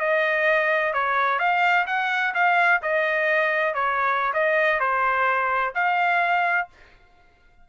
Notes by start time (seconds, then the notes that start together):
0.00 D#5
0.94 C#5
1.39 F5
1.87 F#5
2.34 F5
2.82 D#5
3.74 C#5
4.34 D#5
4.80 C5
5.75 F5